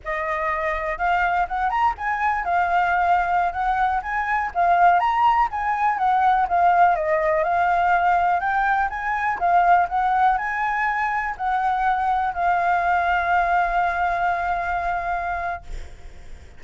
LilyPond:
\new Staff \with { instrumentName = "flute" } { \time 4/4 \tempo 4 = 123 dis''2 f''4 fis''8 ais''8 | gis''4 f''2~ f''16 fis''8.~ | fis''16 gis''4 f''4 ais''4 gis''8.~ | gis''16 fis''4 f''4 dis''4 f''8.~ |
f''4~ f''16 g''4 gis''4 f''8.~ | f''16 fis''4 gis''2 fis''8.~ | fis''4~ fis''16 f''2~ f''8.~ | f''1 | }